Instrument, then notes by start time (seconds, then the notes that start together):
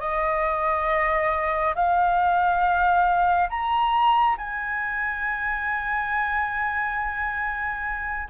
flute
0.00 D#5
1.75 F5
3.49 A#5
4.38 G#5